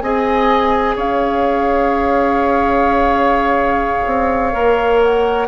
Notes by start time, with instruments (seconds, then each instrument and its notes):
0.00 bassoon C4, clarinet G#4, oboe D#5, flute G#5
0.95 bassoon C#4, oboe C#5, flute F5
4.05 bassoon C4
4.52 bassoon A#3, clarinet A#4
5.02 flute F#5